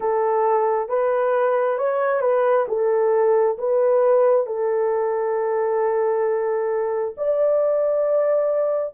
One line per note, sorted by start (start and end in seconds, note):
0.00 0.88 A4
0.88 1.77 B4
1.77 2.21 C#5
2.21 2.66 B4
2.67 3.57 A4
3.57 4.46 B4
4.46 7.14 A4
7.16 8.93 D5